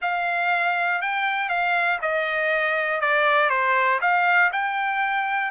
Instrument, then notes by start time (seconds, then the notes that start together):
trumpet
0.01 F5
1.01 G5
1.49 F5
2.01 D#5
3.00 D5
3.49 C5
4.01 F5
4.52 G5